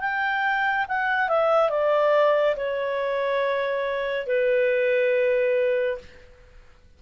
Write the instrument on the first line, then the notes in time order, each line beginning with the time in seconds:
clarinet
0.00 G5
0.88 F#5
1.29 E5
1.70 D5
2.56 C#5
4.27 B4